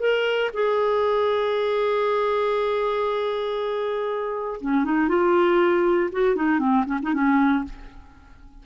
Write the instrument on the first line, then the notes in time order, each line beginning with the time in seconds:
clarinet
0.00 A#4
0.54 G#4
4.61 C#4
4.85 D#4
5.09 F4
6.12 F#4
6.36 D#4
6.60 C4
6.86 C#4
7.03 D#4
7.14 C#4